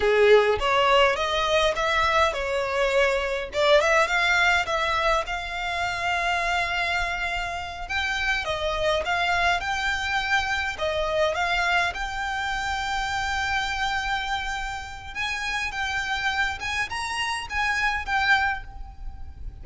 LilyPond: \new Staff \with { instrumentName = "violin" } { \time 4/4 \tempo 4 = 103 gis'4 cis''4 dis''4 e''4 | cis''2 d''8 e''8 f''4 | e''4 f''2.~ | f''4. g''4 dis''4 f''8~ |
f''8 g''2 dis''4 f''8~ | f''8 g''2.~ g''8~ | g''2 gis''4 g''4~ | g''8 gis''8 ais''4 gis''4 g''4 | }